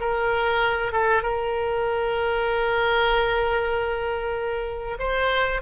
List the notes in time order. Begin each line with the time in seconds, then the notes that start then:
0.00 A#4
0.92 A4
1.22 A#4
4.99 C5